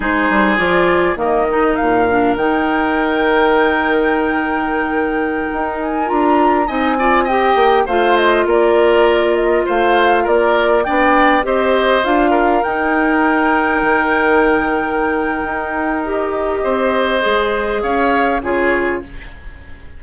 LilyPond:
<<
  \new Staff \with { instrumentName = "flute" } { \time 4/4 \tempo 4 = 101 c''4 d''4 dis''4 f''4 | g''1~ | g''4.~ g''16 gis''8 ais''4 gis''8.~ | gis''16 g''4 f''8 dis''8 d''4. dis''16~ |
dis''16 f''4 d''4 g''4 dis''8.~ | dis''16 f''4 g''2~ g''8.~ | g''2. dis''4~ | dis''2 f''4 cis''4 | }
  \new Staff \with { instrumentName = "oboe" } { \time 4/4 gis'2 ais'2~ | ais'1~ | ais'2.~ ais'16 dis''8 d''16~ | d''16 dis''4 c''4 ais'4.~ ais'16~ |
ais'16 c''4 ais'4 d''4 c''8.~ | c''8. ais'2.~ ais'16~ | ais'1 | c''2 cis''4 gis'4 | }
  \new Staff \with { instrumentName = "clarinet" } { \time 4/4 dis'4 f'4 ais8 dis'4 d'8 | dis'1~ | dis'2~ dis'16 f'4 dis'8 f'16~ | f'16 g'4 f'2~ f'8.~ |
f'2~ f'16 d'4 g'8.~ | g'16 f'4 dis'2~ dis'8.~ | dis'2. g'4~ | g'4 gis'2 f'4 | }
  \new Staff \with { instrumentName = "bassoon" } { \time 4/4 gis8 g8 f4 dis4 ais,4 | dis1~ | dis4~ dis16 dis'4 d'4 c'8.~ | c'8. ais8 a4 ais4.~ ais16~ |
ais16 a4 ais4 b4 c'8.~ | c'16 d'4 dis'2 dis8.~ | dis2 dis'2 | c'4 gis4 cis'4 cis4 | }
>>